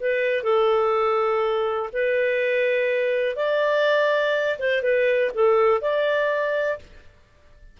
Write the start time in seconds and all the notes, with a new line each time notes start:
0.00 B4
0.43 A4
1.93 B4
3.36 D5
4.59 C5
4.82 B4
5.34 A4
5.81 D5